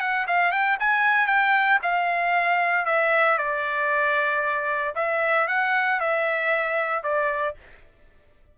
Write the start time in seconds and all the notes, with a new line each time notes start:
0.00 F#5
0.27 F5
0.52 G5
0.80 G#5
1.27 G5
1.82 F5
2.86 E5
3.38 D5
4.95 E5
5.48 F#5
6.00 E5
7.03 D5